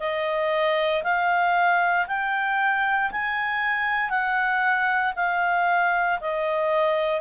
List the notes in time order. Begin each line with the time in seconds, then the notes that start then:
0.00 D#5
1.03 F5
2.08 G5
3.11 G#5
4.10 F#5
5.16 F5
6.21 D#5